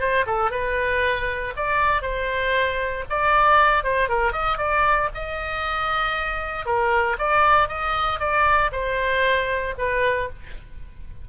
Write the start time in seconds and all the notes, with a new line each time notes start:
0.00 C5
0.27 A4
0.52 B4
1.57 D5
2.03 C5
3.10 D5
3.84 C5
4.09 A#4
4.33 D#5
4.58 D5
5.15 D#5
6.66 A#4
7.19 D5
7.69 D#5
8.20 D5
8.72 C5
9.79 B4